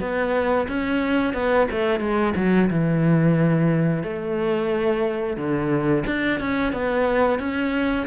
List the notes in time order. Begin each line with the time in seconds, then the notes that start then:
0.00 B3
0.68 C#4
1.34 B3
1.71 A3
2.00 G#3
2.36 F#3
2.70 E3
4.03 A3
5.37 D3
6.06 D4
6.40 C#4
6.73 B3
7.39 C#4